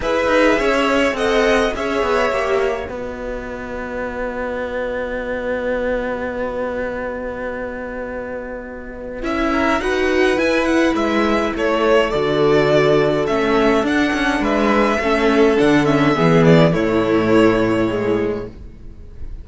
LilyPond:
<<
  \new Staff \with { instrumentName = "violin" } { \time 4/4 \tempo 4 = 104 e''2 fis''4 e''4~ | e''4 dis''2.~ | dis''1~ | dis''1 |
e''4 fis''4 gis''8 fis''8 e''4 | cis''4 d''2 e''4 | fis''4 e''2 fis''8 e''8~ | e''8 d''8 cis''2. | }
  \new Staff \with { instrumentName = "violin" } { \time 4/4 b'4 cis''4 dis''4 cis''4~ | cis''4 b'2.~ | b'1~ | b'1~ |
b'8 ais'8 b'2. | a'1~ | a'4 b'4 a'2 | gis'4 e'2. | }
  \new Staff \with { instrumentName = "viola" } { \time 4/4 gis'2 a'4 gis'4 | g'4 fis'2.~ | fis'1~ | fis'1 |
e'4 fis'4 e'2~ | e'4 fis'2 cis'4 | d'2 cis'4 d'8 cis'8 | b4 a2 gis4 | }
  \new Staff \with { instrumentName = "cello" } { \time 4/4 e'8 dis'8 cis'4 c'4 cis'8 b8 | ais4 b2.~ | b1~ | b1 |
cis'4 dis'4 e'4 gis4 | a4 d2 a4 | d'8 cis'8 gis4 a4 d4 | e4 a,2. | }
>>